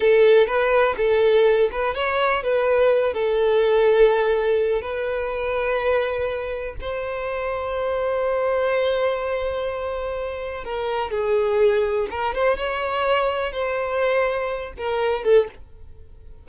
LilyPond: \new Staff \with { instrumentName = "violin" } { \time 4/4 \tempo 4 = 124 a'4 b'4 a'4. b'8 | cis''4 b'4. a'4.~ | a'2 b'2~ | b'2 c''2~ |
c''1~ | c''2 ais'4 gis'4~ | gis'4 ais'8 c''8 cis''2 | c''2~ c''8 ais'4 a'8 | }